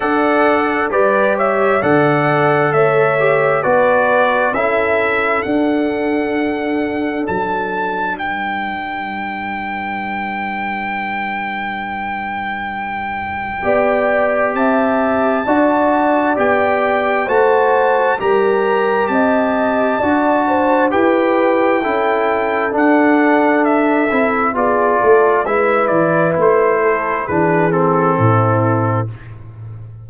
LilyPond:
<<
  \new Staff \with { instrumentName = "trumpet" } { \time 4/4 \tempo 4 = 66 fis''4 d''8 e''8 fis''4 e''4 | d''4 e''4 fis''2 | a''4 g''2.~ | g''1 |
a''2 g''4 a''4 | ais''4 a''2 g''4~ | g''4 fis''4 e''4 d''4 | e''8 d''8 c''4 b'8 a'4. | }
  \new Staff \with { instrumentName = "horn" } { \time 4/4 d''4 b'8 cis''8 d''4 cis''4 | b'4 a'2.~ | a'4 b'2.~ | b'2. d''4 |
e''4 d''2 c''4 | ais'4 dis''4 d''8 c''8 b'4 | a'2. gis'8 a'8 | b'4. a'8 gis'4 e'4 | }
  \new Staff \with { instrumentName = "trombone" } { \time 4/4 a'4 g'4 a'4. g'8 | fis'4 e'4 d'2~ | d'1~ | d'2. g'4~ |
g'4 fis'4 g'4 fis'4 | g'2 fis'4 g'4 | e'4 d'4. e'8 f'4 | e'2 d'8 c'4. | }
  \new Staff \with { instrumentName = "tuba" } { \time 4/4 d'4 g4 d4 a4 | b4 cis'4 d'2 | fis4 g2.~ | g2. b4 |
c'4 d'4 b4 a4 | g4 c'4 d'4 e'4 | cis'4 d'4. c'8 b8 a8 | gis8 e8 a4 e4 a,4 | }
>>